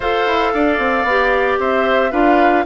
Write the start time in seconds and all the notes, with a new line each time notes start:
0.00 F4 A4 C5 F5
0.26 E4
0.53 D4 D5
0.78 C4
1.04 B3 G4
1.59 C4 C5 E5
2.11 D4 F4 B4 F5